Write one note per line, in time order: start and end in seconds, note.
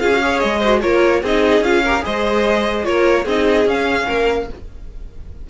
0.00 0.43 C#4
0.00 0.11 F4
0.00 0.21 G#4
0.00 0.40 F5
0.13 0.22 F#4
0.22 0.62 G#4
0.22 0.59 C#5
0.40 0.84 G#3
0.40 0.80 D#5
0.59 0.82 F#4
0.59 0.80 C5
0.81 1.23 A#3
0.81 1.22 F4
0.81 1.22 A#4
0.81 1.22 C#5
1.22 1.61 C4
1.22 1.64 D#4
1.22 1.83 G#4
1.22 1.64 D#5
1.61 2.01 C#4
1.61 1.84 F4
1.61 2.04 F5
1.83 2.01 G4
1.83 2.04 A#4
2.01 2.87 G#3
2.01 2.82 G#4
2.01 2.86 C5
2.01 2.85 D#5
2.84 3.25 A#3
2.84 3.24 F4
2.84 3.24 A#4
2.84 3.25 C#5
3.24 3.66 C4
3.24 3.67 D#4
3.24 4.05 G#4
3.24 3.69 D#5
3.66 4.06 C#4
3.66 4.48 C#4
3.66 4.50 F5
4.07 4.49 A#3
4.07 4.47 A#4